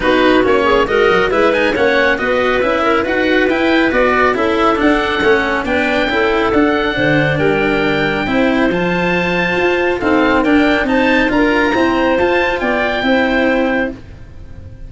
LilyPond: <<
  \new Staff \with { instrumentName = "oboe" } { \time 4/4 \tempo 4 = 138 b'4 cis''4 dis''4 e''8 gis''8 | fis''4 dis''4 e''4 fis''4 | g''4 d''4 e''4 fis''4~ | fis''4 g''2 fis''4~ |
fis''4 g''2. | a''2. f''4 | g''4 a''4 ais''2 | a''4 g''2. | }
  \new Staff \with { instrumentName = "clarinet" } { \time 4/4 fis'4. gis'8 ais'4 b'4 | cis''4 b'4. ais'8 b'4~ | b'2 a'2~ | a'4 b'4 a'2 |
c''4 ais'2 c''4~ | c''2. a'4 | ais'4 c''4 ais'4 c''4~ | c''4 d''4 c''2 | }
  \new Staff \with { instrumentName = "cello" } { \time 4/4 dis'4 cis'4 fis'4 e'8 dis'8 | cis'4 fis'4 e'4 fis'4 | e'4 fis'4 e'4 d'4 | cis'4 d'4 e'4 d'4~ |
d'2. e'4 | f'2. c'4 | d'4 dis'4 f'4 c'4 | f'2 e'2 | }
  \new Staff \with { instrumentName = "tuba" } { \time 4/4 b4 ais4 gis8 fis8 gis4 | ais4 b4 cis'4 dis'4 | e'4 b4 cis'4 d'4 | a4 b4 cis'4 d'4 |
d4 g2 c'4 | f2 f'4 dis'4 | d'4 c'4 d'4 e'4 | f'4 b4 c'2 | }
>>